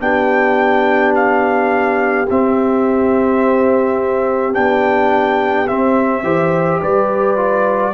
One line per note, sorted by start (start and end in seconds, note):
0.00 2.27 B3
0.00 2.26 D4
0.00 6.24 G4
0.00 1.15 G5
1.15 2.29 F5
2.30 4.56 C4
2.30 4.53 C4
2.30 4.54 E5
4.53 5.69 B3
4.53 5.66 D4
4.53 5.68 G5
5.68 6.24 C4
5.68 6.23 C4
5.68 6.81 E5
6.23 6.79 E3
6.23 7.37 G4
6.23 6.80 C5
6.81 7.94 G3
6.81 7.94 B4
6.81 7.94 D5
7.37 7.93 F4